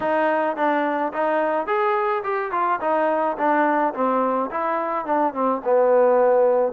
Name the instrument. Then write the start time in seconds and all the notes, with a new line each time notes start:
trombone
0.00 D#4
0.56 D4
1.13 D#4
1.66 G#4
2.23 G4
2.51 F4
2.80 D#4
3.37 D4
3.94 C4
4.50 E4
5.05 D4
5.33 C4
5.64 B3